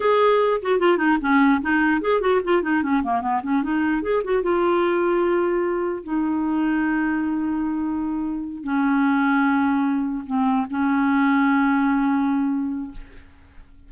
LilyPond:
\new Staff \with { instrumentName = "clarinet" } { \time 4/4 \tempo 4 = 149 gis'4. fis'8 f'8 dis'8 cis'4 | dis'4 gis'8 fis'8 f'8 dis'8 cis'8 ais8 | b8 cis'8 dis'4 gis'8 fis'8 f'4~ | f'2. dis'4~ |
dis'1~ | dis'4. cis'2~ cis'8~ | cis'4. c'4 cis'4.~ | cis'1 | }